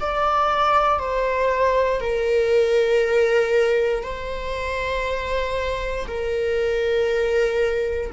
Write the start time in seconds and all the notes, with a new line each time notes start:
0.00 D5
0.99 C5
2.01 A#4
4.04 C5
6.07 A#4